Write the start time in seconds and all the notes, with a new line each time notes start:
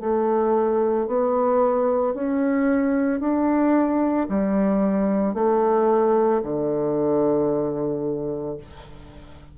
0.00 A3
1.07 B3
2.14 C#4
3.20 D4
4.29 G3
5.34 A3
6.43 D3